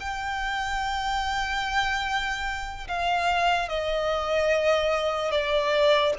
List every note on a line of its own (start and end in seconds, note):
0.00 2.88 G5
2.88 3.69 F5
3.69 5.31 D#5
5.31 6.13 D5